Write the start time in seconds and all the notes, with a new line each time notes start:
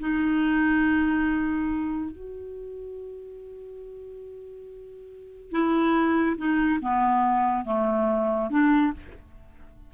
0.00 D#4
2.11 F#4
5.51 E4
6.37 D#4
6.81 B3
7.65 A3
8.50 D4